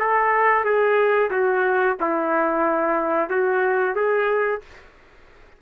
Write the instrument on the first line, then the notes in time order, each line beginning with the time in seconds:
trumpet
0.00 A4
0.65 G#4
1.31 F#4
2.00 E4
3.30 F#4
3.96 G#4